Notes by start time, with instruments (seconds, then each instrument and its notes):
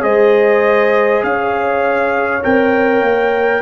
0.00 tuba G#3, trombone G#4, horn C5, trumpet D#5
1.23 tuba C#4, horn C#5, trumpet F5
2.43 tuba C4, trombone A#4, trumpet G5
3.01 tuba A#3